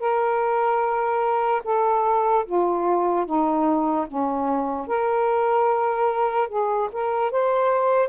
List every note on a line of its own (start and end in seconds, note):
0.00 1.62 A#4
1.64 2.45 A4
2.46 3.26 F4
3.26 4.07 D#4
4.08 4.88 C#4
4.88 6.49 A#4
6.49 6.90 G#4
6.93 7.32 A#4
7.32 8.09 C5